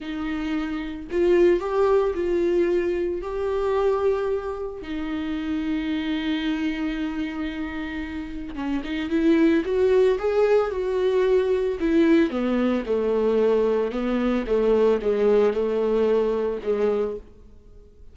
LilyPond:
\new Staff \with { instrumentName = "viola" } { \time 4/4 \tempo 4 = 112 dis'2 f'4 g'4 | f'2 g'2~ | g'4 dis'2.~ | dis'1 |
cis'8 dis'8 e'4 fis'4 gis'4 | fis'2 e'4 b4 | a2 b4 a4 | gis4 a2 gis4 | }